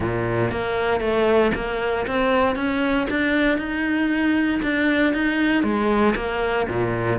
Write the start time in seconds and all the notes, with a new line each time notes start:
0.00 A#2
0.51 A#3
1.00 A3
1.55 A#3
2.07 C4
2.55 C#4
3.10 D4
3.58 D#4
4.62 D4
5.13 D#4
5.63 G#3
6.15 A#3
6.68 A#2